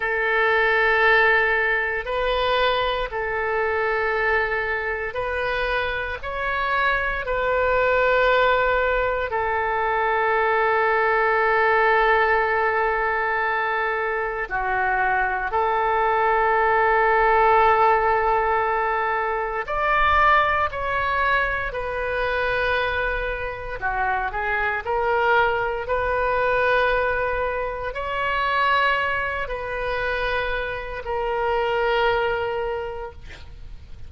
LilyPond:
\new Staff \with { instrumentName = "oboe" } { \time 4/4 \tempo 4 = 58 a'2 b'4 a'4~ | a'4 b'4 cis''4 b'4~ | b'4 a'2.~ | a'2 fis'4 a'4~ |
a'2. d''4 | cis''4 b'2 fis'8 gis'8 | ais'4 b'2 cis''4~ | cis''8 b'4. ais'2 | }